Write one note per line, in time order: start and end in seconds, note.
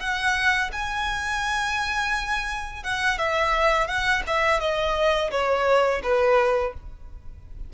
0.00 0.71 F#5
0.73 2.84 G#5
2.84 3.18 F#5
3.18 3.88 E5
3.88 4.23 F#5
4.27 4.60 E5
4.60 5.31 D#5
5.31 6.02 C#5
6.03 6.74 B4